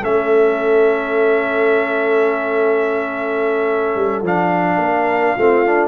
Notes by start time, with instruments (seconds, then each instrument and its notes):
0.00 tuba A3, trombone C#4, horn A4, trumpet E5
3.95 tuba G3
4.22 tuba F3, trombone D4, trumpet F5
4.77 tuba A#3, horn A#4
5.35 tuba A3, trombone C4, horn F4
5.66 trombone D4